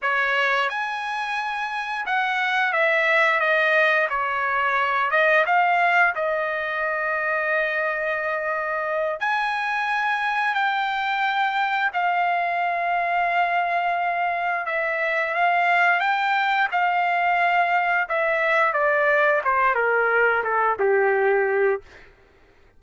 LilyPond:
\new Staff \with { instrumentName = "trumpet" } { \time 4/4 \tempo 4 = 88 cis''4 gis''2 fis''4 | e''4 dis''4 cis''4. dis''8 | f''4 dis''2.~ | dis''4. gis''2 g''8~ |
g''4. f''2~ f''8~ | f''4. e''4 f''4 g''8~ | g''8 f''2 e''4 d''8~ | d''8 c''8 ais'4 a'8 g'4. | }